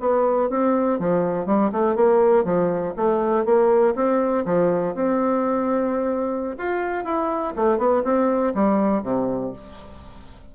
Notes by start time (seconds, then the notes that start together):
0.00 B3
0.49 C4
0.99 F3
1.46 G3
1.72 A3
1.96 A#3
2.44 F3
2.96 A3
3.45 A#3
3.95 C4
4.45 F3
4.95 C4
6.58 F4
7.04 E4
7.56 A3
7.78 B3
8.04 C4
8.54 G3
9.03 C3